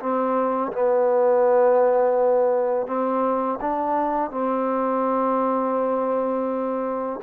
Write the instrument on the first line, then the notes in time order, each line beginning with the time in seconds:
trombone
0.00 C4
0.72 B3
2.87 C4
3.61 D4
4.31 C4